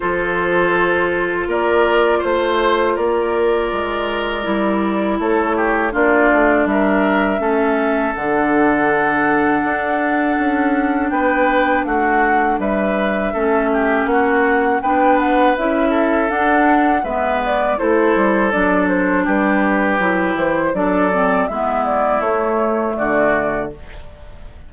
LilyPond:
<<
  \new Staff \with { instrumentName = "flute" } { \time 4/4 \tempo 4 = 81 c''2 d''4 c''4 | d''2. cis''4 | d''4 e''2 fis''4~ | fis''2. g''4 |
fis''4 e''2 fis''4 | g''8 fis''8 e''4 fis''4 e''8 d''8 | c''4 d''8 c''8 b'4. c''8 | d''4 e''8 d''8 cis''4 d''4 | }
  \new Staff \with { instrumentName = "oboe" } { \time 4/4 a'2 ais'4 c''4 | ais'2. a'8 g'8 | f'4 ais'4 a'2~ | a'2. b'4 |
fis'4 b'4 a'8 g'8 fis'4 | b'4. a'4. b'4 | a'2 g'2 | a'4 e'2 fis'4 | }
  \new Staff \with { instrumentName = "clarinet" } { \time 4/4 f'1~ | f'2 e'2 | d'2 cis'4 d'4~ | d'1~ |
d'2 cis'2 | d'4 e'4 d'4 b4 | e'4 d'2 e'4 | d'8 c'8 b4 a2 | }
  \new Staff \with { instrumentName = "bassoon" } { \time 4/4 f2 ais4 a4 | ais4 gis4 g4 a4 | ais8 a8 g4 a4 d4~ | d4 d'4 cis'4 b4 |
a4 g4 a4 ais4 | b4 cis'4 d'4 gis4 | a8 g8 fis4 g4 fis8 e8 | fis4 gis4 a4 d4 | }
>>